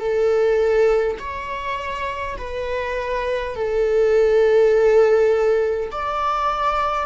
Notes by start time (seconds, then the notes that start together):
0.00 A4
1.19 C#5
2.38 B4
3.56 A4
5.91 D5